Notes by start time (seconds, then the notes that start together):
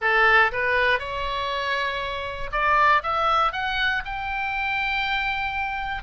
0.01 A4
0.52 B4
0.99 C#5
2.52 D5
3.02 E5
3.52 F#5
4.05 G5